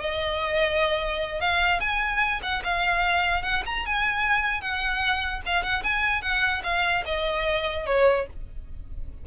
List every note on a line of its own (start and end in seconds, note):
0.00 1.41 D#5
1.41 1.80 F5
1.80 2.41 G#5
2.43 2.63 F#5
2.64 3.43 F5
3.43 3.63 F#5
3.66 3.86 A#5
3.86 4.61 G#5
4.61 5.41 F#5
5.46 5.63 F5
5.63 5.83 F#5
5.84 6.22 G#5
6.22 6.62 F#5
6.64 7.04 F5
7.06 7.86 D#5
7.86 8.26 C#5